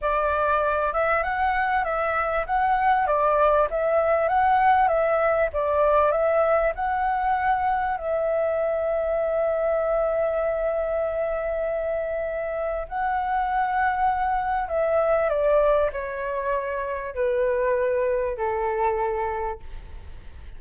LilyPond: \new Staff \with { instrumentName = "flute" } { \time 4/4 \tempo 4 = 98 d''4. e''8 fis''4 e''4 | fis''4 d''4 e''4 fis''4 | e''4 d''4 e''4 fis''4~ | fis''4 e''2.~ |
e''1~ | e''4 fis''2. | e''4 d''4 cis''2 | b'2 a'2 | }